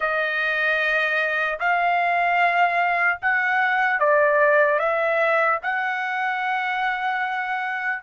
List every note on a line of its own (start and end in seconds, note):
0.00 1.59 D#5
1.59 3.19 F5
3.21 3.99 F#5
3.99 4.79 D5
4.79 5.59 E5
5.63 8.03 F#5